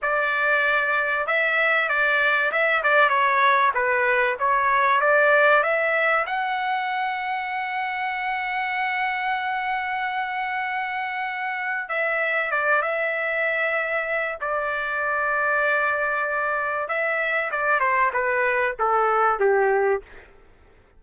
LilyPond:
\new Staff \with { instrumentName = "trumpet" } { \time 4/4 \tempo 4 = 96 d''2 e''4 d''4 | e''8 d''8 cis''4 b'4 cis''4 | d''4 e''4 fis''2~ | fis''1~ |
fis''2. e''4 | d''8 e''2~ e''8 d''4~ | d''2. e''4 | d''8 c''8 b'4 a'4 g'4 | }